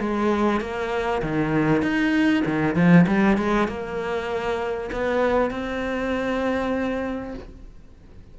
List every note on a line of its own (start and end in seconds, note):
0.00 0.61 G#3
0.61 1.22 A#3
1.22 1.82 D#3
1.82 2.44 D#4
2.46 2.76 D#3
2.76 3.06 F3
3.07 3.37 G3
3.37 3.68 G#3
3.68 4.90 A#3
4.92 5.51 B3
5.51 7.34 C4